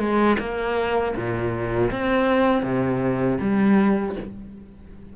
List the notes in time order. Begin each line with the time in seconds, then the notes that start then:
0.00 G#3
0.40 A#3
1.16 A#2
1.92 C4
2.64 C3
3.41 G3